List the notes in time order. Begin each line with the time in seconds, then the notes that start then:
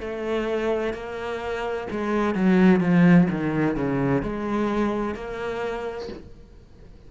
0.00 A3
0.93 A#3
1.91 G#3
2.34 F#3
2.80 F3
3.30 D#3
3.76 C#3
4.22 G#3
5.14 A#3